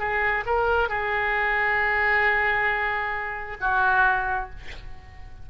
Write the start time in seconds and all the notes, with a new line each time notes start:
0.00 G#4
0.46 A#4
0.89 G#4
3.61 F#4